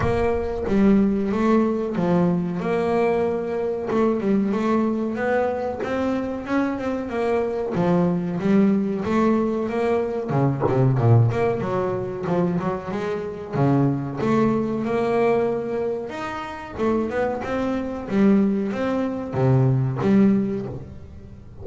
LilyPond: \new Staff \with { instrumentName = "double bass" } { \time 4/4 \tempo 4 = 93 ais4 g4 a4 f4 | ais2 a8 g8 a4 | b4 c'4 cis'8 c'8 ais4 | f4 g4 a4 ais4 |
cis8 c8 ais,8 ais8 fis4 f8 fis8 | gis4 cis4 a4 ais4~ | ais4 dis'4 a8 b8 c'4 | g4 c'4 c4 g4 | }